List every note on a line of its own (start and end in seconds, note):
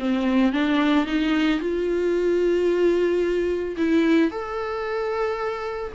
0.00 0.53 C4
0.53 1.06 D4
1.06 1.60 D#4
1.60 3.76 F4
3.77 4.31 E4
4.31 5.93 A4